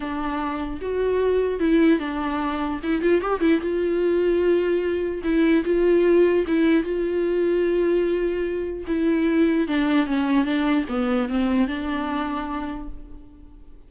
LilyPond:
\new Staff \with { instrumentName = "viola" } { \time 4/4 \tempo 4 = 149 d'2 fis'2 | e'4 d'2 e'8 f'8 | g'8 e'8 f'2.~ | f'4 e'4 f'2 |
e'4 f'2.~ | f'2 e'2 | d'4 cis'4 d'4 b4 | c'4 d'2. | }